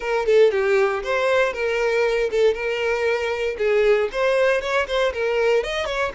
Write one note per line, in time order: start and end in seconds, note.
0.00 0.26 A#4
0.26 0.51 A4
0.51 1.02 G4
1.03 1.53 C5
1.53 2.30 A#4
2.31 2.53 A4
2.53 3.56 A#4
3.58 4.09 G#4
4.12 4.61 C5
4.61 4.86 C#5
4.87 5.13 C5
5.13 5.63 A#4
5.63 5.85 D#5
5.85 6.11 C#5